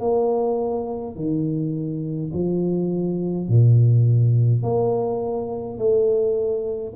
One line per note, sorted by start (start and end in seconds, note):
0.00 1.15 A#3
1.15 2.31 D#3
2.33 3.48 F3
3.48 4.63 A#2
4.63 5.78 A#3
5.78 6.93 A3